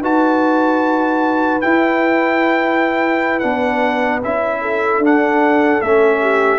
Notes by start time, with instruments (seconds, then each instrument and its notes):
0.00 tuba D#4, trombone F#4, horn B4, trumpet A5
1.61 trombone E4, tuba E4, trumpet G5
3.39 tuba B3, trombone D4, trumpet F#5
4.24 tuba C#4, trombone E4, trumpet E5
4.62 horn A4
4.98 tuba D4, trombone D4
5.05 trumpet F#5
5.81 tuba A3, trombone C#4, trumpet E5
6.21 horn G4